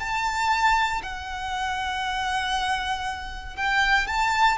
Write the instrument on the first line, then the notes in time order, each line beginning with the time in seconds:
violin
0.00 A5
1.02 F#5
3.56 G5
4.07 A5